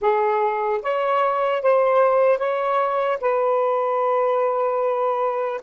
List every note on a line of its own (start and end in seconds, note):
0.01 0.81 G#4
0.82 1.62 C#5
1.62 2.38 C5
2.38 3.18 C#5
3.20 5.60 B4